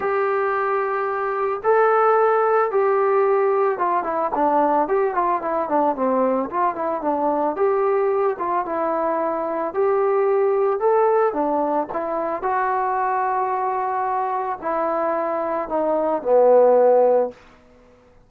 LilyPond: \new Staff \with { instrumentName = "trombone" } { \time 4/4 \tempo 4 = 111 g'2. a'4~ | a'4 g'2 f'8 e'8 | d'4 g'8 f'8 e'8 d'8 c'4 | f'8 e'8 d'4 g'4. f'8 |
e'2 g'2 | a'4 d'4 e'4 fis'4~ | fis'2. e'4~ | e'4 dis'4 b2 | }